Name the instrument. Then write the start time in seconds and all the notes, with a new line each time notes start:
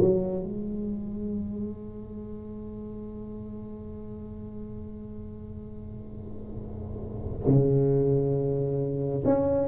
tuba
0.00 F#3
0.43 G#3
7.47 C#3
9.24 C#4